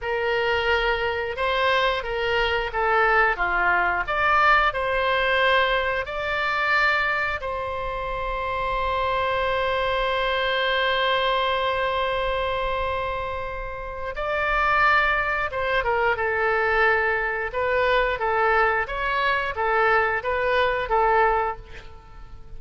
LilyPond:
\new Staff \with { instrumentName = "oboe" } { \time 4/4 \tempo 4 = 89 ais'2 c''4 ais'4 | a'4 f'4 d''4 c''4~ | c''4 d''2 c''4~ | c''1~ |
c''1~ | c''4 d''2 c''8 ais'8 | a'2 b'4 a'4 | cis''4 a'4 b'4 a'4 | }